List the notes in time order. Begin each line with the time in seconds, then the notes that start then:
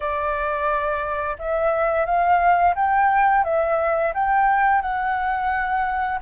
0.00 D5
1.38 E5
2.05 F5
2.75 G5
3.44 E5
4.13 G5
4.81 F#5